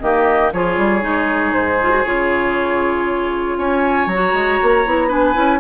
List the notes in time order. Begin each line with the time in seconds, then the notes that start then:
0.00 D#3 A#3 G4 D#5
0.52 F3 F4 G#4 C#5
0.78 G3
1.01 G#3 D#4
1.52 G#2 C5
1.82 F4
1.90 F#4
2.04 C#3 F4 C#5
3.58 C#4 C#5 G#5
4.07 F#3 A#5
4.13 F#4
4.33 G#3
4.62 A#3
4.86 B3 E4
5.08 D4 B4 G#5
5.34 C#4 E4